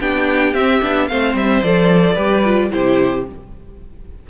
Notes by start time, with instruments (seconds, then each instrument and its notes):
0.00 cello B3, viola D4, violin G4 G5
0.54 cello C4, viola C4, violin E5
0.81 cello B3, viola D4
1.07 cello A3, viola C4, violin C5 F5
1.34 cello G3, violin E5
1.62 cello F3, viola A4, violin D5
2.14 cello G3, viola G4, violin B4
2.44 viola F4
2.70 cello C3, viola E4, violin G4 C5